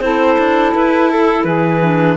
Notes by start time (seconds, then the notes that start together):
0.00 C4 E4 A4 C5
0.38 D4
0.75 E4 B4
1.11 A4
1.44 E3 G#4 B4
1.82 D4